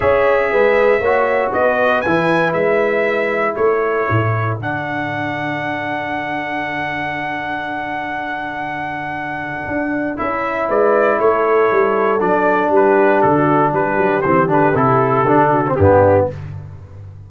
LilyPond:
<<
  \new Staff \with { instrumentName = "trumpet" } { \time 4/4 \tempo 4 = 118 e''2. dis''4 | gis''4 e''2 cis''4~ | cis''4 fis''2.~ | fis''1~ |
fis''1 | e''4 d''4 cis''2 | d''4 b'4 a'4 b'4 | c''8 b'8 a'2 g'4 | }
  \new Staff \with { instrumentName = "horn" } { \time 4/4 cis''4 b'4 cis''4 b'4~ | b'2. a'4~ | a'1~ | a'1~ |
a'1~ | a'4 b'4 a'2~ | a'4 g'4~ g'16 fis'8. g'4~ | g'2~ g'8 fis'8 d'4 | }
  \new Staff \with { instrumentName = "trombone" } { \time 4/4 gis'2 fis'2 | e'1~ | e'4 d'2.~ | d'1~ |
d'1 | e'1 | d'1 | c'8 d'8 e'4 d'8. c'16 b4 | }
  \new Staff \with { instrumentName = "tuba" } { \time 4/4 cis'4 gis4 ais4 b4 | e4 gis2 a4 | a,4 d2.~ | d1~ |
d2. d'4 | cis'4 gis4 a4 g4 | fis4 g4 d4 g8 fis8 | e8 d8 c4 d4 g,4 | }
>>